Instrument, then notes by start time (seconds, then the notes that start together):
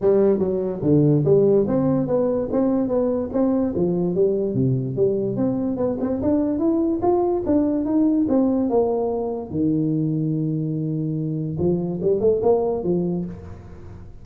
tuba
0.01 G3
0.39 F#3
0.82 D3
1.25 G3
1.67 C4
2.07 B3
2.52 C4
2.88 B3
3.32 C4
3.75 F3
4.14 G3
4.54 C3
4.96 G3
5.36 C4
5.76 B3
6.00 C4
6.21 D4
6.58 E4
7.02 F4
7.45 D4
7.85 D#4
8.28 C4
8.69 A#3
9.50 D#3
11.59 F3
12.02 G3
12.20 A3
12.42 A#3
12.83 F3